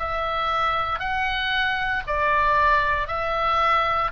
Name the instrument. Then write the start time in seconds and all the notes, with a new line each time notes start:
oboe
0.00 E5
1.00 F#5
2.07 D5
3.08 E5